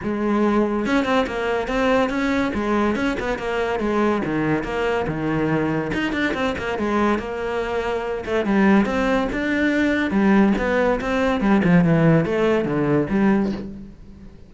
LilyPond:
\new Staff \with { instrumentName = "cello" } { \time 4/4 \tempo 4 = 142 gis2 cis'8 c'8 ais4 | c'4 cis'4 gis4 cis'8 b8 | ais4 gis4 dis4 ais4 | dis2 dis'8 d'8 c'8 ais8 |
gis4 ais2~ ais8 a8 | g4 c'4 d'2 | g4 b4 c'4 g8 f8 | e4 a4 d4 g4 | }